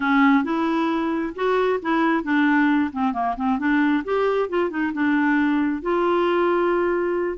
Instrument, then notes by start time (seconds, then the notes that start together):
clarinet
0.00 C#4
0.44 E4
1.35 F#4
1.82 E4
2.23 D4
2.92 C4
3.13 A#3
3.36 C4
3.58 D4
4.04 G4
4.49 F4
4.70 D#4
4.93 D4
5.81 F4